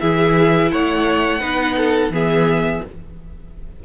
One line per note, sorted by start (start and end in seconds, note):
0.00 0.71 E3
0.00 1.40 E4
0.00 0.71 G#4
0.00 0.71 E5
0.71 1.41 A3
0.71 1.40 C#5
0.71 2.12 F#5
1.40 2.09 B3
1.40 2.11 D#4
1.40 1.75 B4
1.77 2.12 A4
2.09 2.80 E3
2.09 2.83 B3
2.09 2.84 G#4
2.09 2.85 E5